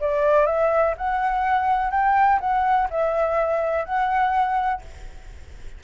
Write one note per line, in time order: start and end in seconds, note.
0.00 0.46 D5
0.46 0.95 E5
0.97 1.91 F#5
1.91 2.39 G5
2.40 2.88 F#5
2.90 3.85 E5
3.85 4.81 F#5